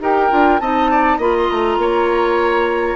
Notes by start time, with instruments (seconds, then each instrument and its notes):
0.00 bassoon D#4, clarinet G4, oboe A#4, flute G5
0.29 bassoon D4, clarinet F4
0.59 bassoon C4, clarinet D#4, oboe D#5, flute A5
0.90 oboe D5
1.17 bassoon A#3, clarinet F4, oboe D#5, flute B5
1.37 flute C6
1.50 bassoon A3, flute A#5
1.77 bassoon A#3, oboe C#5